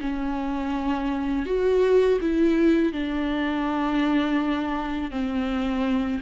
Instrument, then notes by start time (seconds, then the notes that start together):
viola
0.00 C#4
1.45 F#4
2.21 E4
2.92 D4
5.11 C4